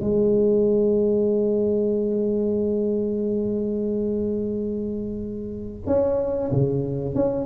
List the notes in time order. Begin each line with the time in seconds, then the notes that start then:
0.00 G#3
5.86 C#4
6.51 C#3
7.15 C#4